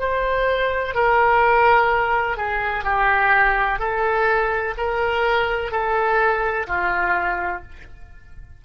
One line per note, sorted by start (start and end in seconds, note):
0.00 0.95 C5
0.95 2.37 A#4
2.37 2.84 G#4
2.84 3.80 G4
3.80 4.75 A4
4.78 5.72 A#4
5.72 6.67 A4
6.68 7.63 F4